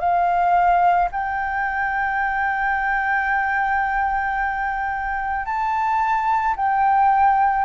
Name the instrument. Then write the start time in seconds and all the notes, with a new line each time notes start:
flute
0.00 F5
1.12 G5
5.46 A5
6.57 G5